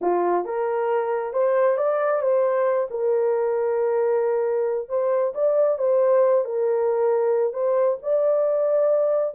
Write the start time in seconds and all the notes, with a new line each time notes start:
0.01 F4
0.44 A#4
1.33 C5
1.77 D5
2.21 C5
2.90 A#4
4.88 C5
5.34 D5
5.78 C5
6.44 A#4
7.53 C5
8.02 D5